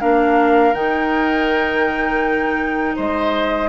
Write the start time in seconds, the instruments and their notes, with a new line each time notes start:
0.00 bassoon A#3, clarinet D4, oboe A#4, flute F5
0.74 bassoon D#3, clarinet D#4, flute G5
2.96 bassoon G#3, oboe C5, flute D#5